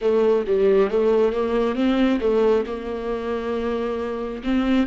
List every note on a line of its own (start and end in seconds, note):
0.01 0.45 A3
0.47 0.90 G3
0.90 1.32 A3
1.32 1.75 A#3
1.75 2.19 C4
2.20 2.64 A3
2.66 4.42 A#3
4.43 4.86 C4